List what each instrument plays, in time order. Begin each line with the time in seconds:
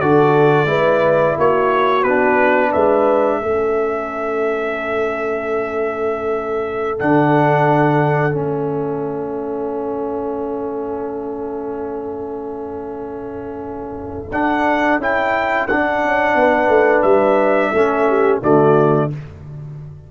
0.00 tuba D3, trombone F#4, horn A4, trumpet D5
0.64 tuba G#3, trombone E4, horn B4
1.37 tuba A#3, horn F#4, trumpet C#5
2.03 tuba B3, trombone D4, trumpet B4
2.70 tuba G#3, horn B4, trumpet E5
3.42 tuba A3, trombone C#4, horn A4
6.99 tuba D3, trombone D4, trumpet F#5
8.31 tuba A3, trombone C#4, trumpet E5
14.31 tuba D4, trombone D4, trumpet F#5
14.98 tuba C#4, trombone E4, trumpet G5
15.67 tuba D4, trombone D4, trumpet F#5
16.04 tuba C#4
16.35 tuba B3, horn B4
16.68 tuba A3
17.02 tuba G3, trumpet E5
17.71 tuba A3, trombone C#4, horn A4
18.08 horn G4
18.42 tuba D3, trombone A3, horn F#4, trumpet D5